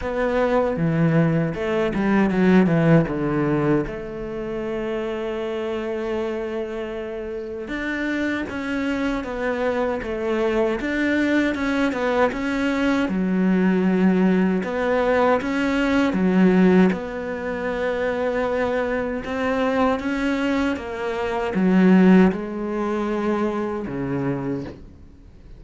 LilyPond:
\new Staff \with { instrumentName = "cello" } { \time 4/4 \tempo 4 = 78 b4 e4 a8 g8 fis8 e8 | d4 a2.~ | a2 d'4 cis'4 | b4 a4 d'4 cis'8 b8 |
cis'4 fis2 b4 | cis'4 fis4 b2~ | b4 c'4 cis'4 ais4 | fis4 gis2 cis4 | }